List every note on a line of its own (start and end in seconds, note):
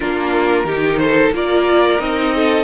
0.00 0.64 A#3
0.00 0.67 D4
0.00 0.66 F4
0.00 0.97 A#4
0.64 1.31 D#3
0.64 1.33 D#4
0.64 0.99 G4
0.97 1.34 A4
0.97 1.30 C5
1.32 1.99 A#3
1.32 1.98 F4
1.32 2.34 A#4
1.32 2.00 D5
1.98 2.63 C4
1.98 2.63 D#4
1.98 2.63 D#5
2.35 2.63 A4